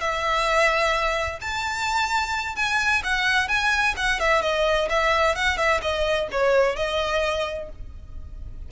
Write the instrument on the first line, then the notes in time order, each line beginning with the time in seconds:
violin
0.00 E5
1.41 A5
2.56 G#5
3.04 F#5
3.48 G#5
3.96 F#5
4.20 E5
4.42 D#5
4.89 E5
5.35 F#5
5.57 E5
5.82 D#5
6.31 C#5
6.76 D#5